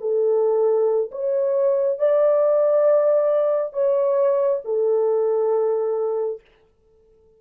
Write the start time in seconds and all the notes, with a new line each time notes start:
0.00 A4
1.11 C#5
1.99 D5
3.73 C#5
4.64 A4